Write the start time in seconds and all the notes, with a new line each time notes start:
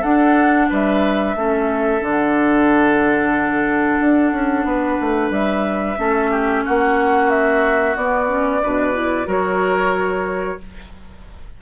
0.00 D4 A4 F#5
0.69 G3 B4 E5
1.35 A3 C#4 A4
2.00 D3 D4 F#5
4.00 D4
4.32 C#4
4.64 B3 B4
5.01 A3
5.30 G3 E5
5.97 A3 C#4 A4
6.30 G4
6.64 A#3 F#4 F#5
7.30 E5
7.96 B3 D5
8.28 C#4
8.62 B2 D4 B4
8.93 E4
9.26 F#3 F#4 A#4 C#5